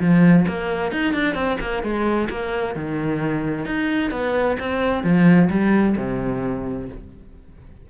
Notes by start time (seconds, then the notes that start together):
0.00 F3
0.48 A#3
0.92 D#4
1.13 D4
1.35 C4
1.60 A#3
1.83 G#3
2.30 A#3
2.76 D#3
3.66 D#4
4.11 B3
4.60 C4
5.04 F3
5.50 G3
5.97 C3